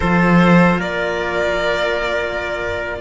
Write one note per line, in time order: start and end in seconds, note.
0.00 0.79 F3
0.00 3.00 F4
0.00 0.79 A4
0.00 0.80 C5
0.79 3.00 A#3
0.79 3.00 A#4
0.79 3.00 D5